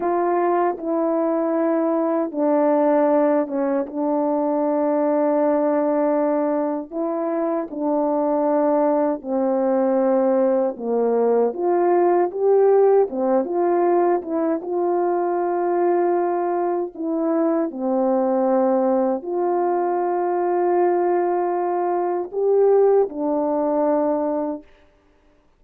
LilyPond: \new Staff \with { instrumentName = "horn" } { \time 4/4 \tempo 4 = 78 f'4 e'2 d'4~ | d'8 cis'8 d'2.~ | d'4 e'4 d'2 | c'2 ais4 f'4 |
g'4 c'8 f'4 e'8 f'4~ | f'2 e'4 c'4~ | c'4 f'2.~ | f'4 g'4 d'2 | }